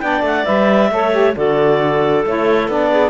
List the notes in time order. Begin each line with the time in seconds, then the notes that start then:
0.00 B3 D4 D5 G5
0.22 A3 F#5
0.45 G3 B4 E5
0.91 A3 A4 C#5
1.11 G4
1.35 D3 F#4 A4 D5
2.25 A3 E4 C#5
2.68 B3 D4 D5
2.91 G#4